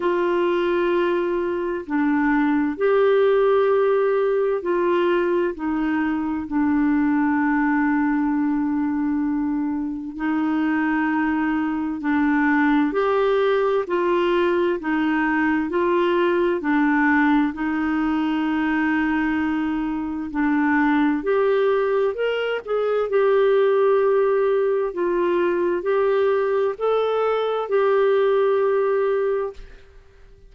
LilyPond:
\new Staff \with { instrumentName = "clarinet" } { \time 4/4 \tempo 4 = 65 f'2 d'4 g'4~ | g'4 f'4 dis'4 d'4~ | d'2. dis'4~ | dis'4 d'4 g'4 f'4 |
dis'4 f'4 d'4 dis'4~ | dis'2 d'4 g'4 | ais'8 gis'8 g'2 f'4 | g'4 a'4 g'2 | }